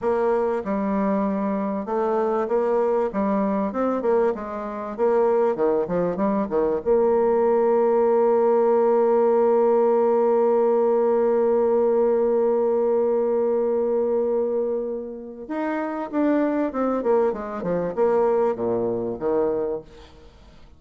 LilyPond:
\new Staff \with { instrumentName = "bassoon" } { \time 4/4 \tempo 4 = 97 ais4 g2 a4 | ais4 g4 c'8 ais8 gis4 | ais4 dis8 f8 g8 dis8 ais4~ | ais1~ |
ais1~ | ais1~ | ais4 dis'4 d'4 c'8 ais8 | gis8 f8 ais4 ais,4 dis4 | }